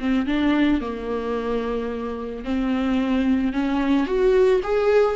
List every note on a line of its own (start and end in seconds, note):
0.00 0.27 C4
0.27 0.81 D4
0.81 2.45 A#3
2.45 3.53 C4
3.53 4.07 C#4
4.07 4.61 F#4
4.64 5.16 G#4